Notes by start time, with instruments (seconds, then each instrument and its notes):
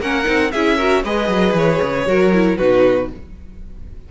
0.00 cello A#3, viola C#4, violin A#4 F#5
0.24 cello C4, viola D#4
0.52 cello C#4, viola E4, violin G#4 E5
0.77 viola F#4, violin A#4
1.04 cello G#3, viola G#4, violin B4 D#5
1.28 cello F#3
1.54 cello E3, violin C#5
1.82 cello C#3
2.06 cello F#3, viola F#4, violin A#4
2.33 viola E4
2.57 cello B2, viola D#4, violin F#4 B4